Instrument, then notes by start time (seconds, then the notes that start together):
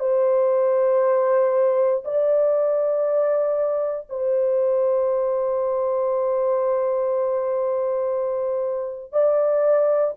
horn
0.00 C5
2.05 D5
4.10 C5
9.12 D5